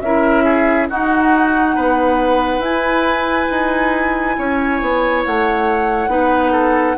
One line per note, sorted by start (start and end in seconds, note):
0.00 0.87 C#4
0.00 0.89 E4
0.00 0.43 A#4
0.00 0.87 E5
0.43 0.87 G#4
0.89 1.76 D#4
0.89 2.62 D#4
0.89 1.75 F#4
0.89 2.61 F#5
1.75 2.59 B3
1.75 4.36 B4
2.59 3.45 E4
2.59 6.09 E4
2.59 5.22 G#5
3.50 4.37 D#4
4.37 4.81 C#4
4.37 6.09 C#5
4.81 5.24 B3
5.25 6.07 A3
5.25 6.98 F#5
6.07 6.94 B3
6.07 6.96 D#4
6.07 6.51 B4
6.51 6.95 A4